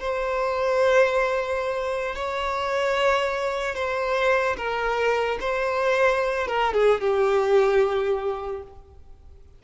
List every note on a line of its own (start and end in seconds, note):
0.00 2.15 C5
2.15 3.75 C#5
3.75 4.56 C5
4.57 5.38 A#4
5.40 6.47 C5
6.47 6.73 A#4
6.73 7.00 G#4
7.00 8.63 G4